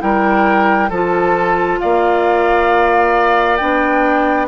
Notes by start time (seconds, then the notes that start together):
0.00 G3 E4 A#4 G5
0.90 F3 F4 A4 A5
1.80 A#3 D5 F5
3.57 B3 D4 G5